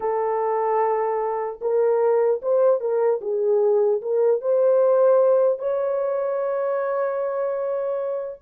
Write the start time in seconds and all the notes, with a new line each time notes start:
0.00 A4
1.61 A#4
2.41 C5
2.80 A#4
3.21 G#4
4.01 A#4
4.41 C5
5.58 C#5